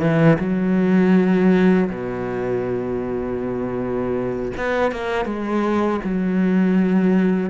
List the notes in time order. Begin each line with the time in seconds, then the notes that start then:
0.00 E3
0.39 F#3
1.89 B2
4.56 B3
4.91 A#3
5.25 G#3
6.04 F#3